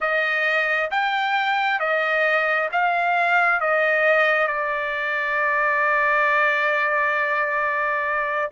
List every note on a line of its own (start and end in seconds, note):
0.00 0.90 D#5
0.90 1.79 G5
1.79 2.69 D#5
2.72 3.60 F5
3.60 4.47 D#5
4.47 8.50 D5